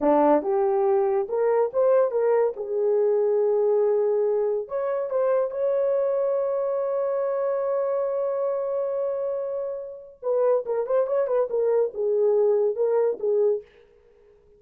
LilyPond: \new Staff \with { instrumentName = "horn" } { \time 4/4 \tempo 4 = 141 d'4 g'2 ais'4 | c''4 ais'4 gis'2~ | gis'2. cis''4 | c''4 cis''2.~ |
cis''1~ | cis''1 | b'4 ais'8 c''8 cis''8 b'8 ais'4 | gis'2 ais'4 gis'4 | }